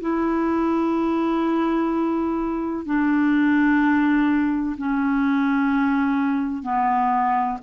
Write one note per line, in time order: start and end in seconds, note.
0.00 2.85 E4
2.85 4.76 D4
4.77 6.62 C#4
6.62 7.58 B3